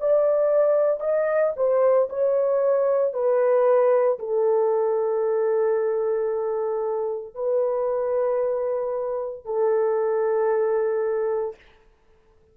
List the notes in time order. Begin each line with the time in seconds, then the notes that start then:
0.00 D5
1.00 D#5
1.56 C5
2.10 C#5
3.14 B4
4.19 A4
7.35 B4
9.45 A4